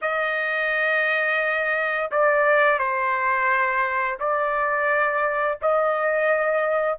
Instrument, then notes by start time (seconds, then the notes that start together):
trumpet
0.01 D#5
2.11 D5
2.78 C5
4.19 D5
5.61 D#5